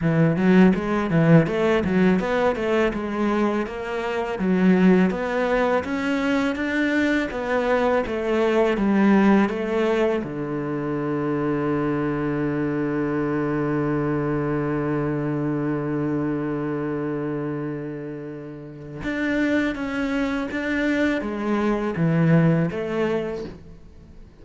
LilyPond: \new Staff \with { instrumentName = "cello" } { \time 4/4 \tempo 4 = 82 e8 fis8 gis8 e8 a8 fis8 b8 a8 | gis4 ais4 fis4 b4 | cis'4 d'4 b4 a4 | g4 a4 d2~ |
d1~ | d1~ | d2 d'4 cis'4 | d'4 gis4 e4 a4 | }